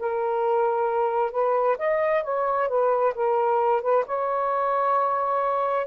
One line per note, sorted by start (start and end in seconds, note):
0.00 1.32 A#4
1.32 1.77 B4
1.79 2.24 D#5
2.24 2.69 C#5
2.69 3.14 B4
3.15 3.83 A#4
3.83 4.05 B4
4.07 5.87 C#5